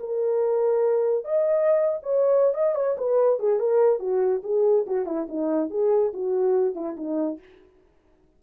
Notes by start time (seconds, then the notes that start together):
0.00 A#4
1.25 D#5
2.03 C#5
2.55 D#5
2.75 C#5
2.98 B4
3.40 G#4
3.60 A#4
4.00 F#4
4.44 G#4
4.87 F#4
5.06 E4
5.29 D#4
5.71 G#4
6.14 F#4
6.75 E4
6.97 D#4